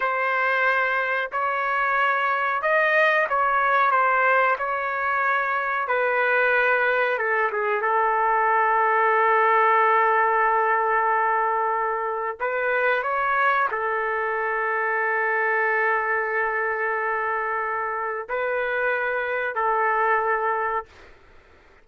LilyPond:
\new Staff \with { instrumentName = "trumpet" } { \time 4/4 \tempo 4 = 92 c''2 cis''2 | dis''4 cis''4 c''4 cis''4~ | cis''4 b'2 a'8 gis'8 | a'1~ |
a'2. b'4 | cis''4 a'2.~ | a'1 | b'2 a'2 | }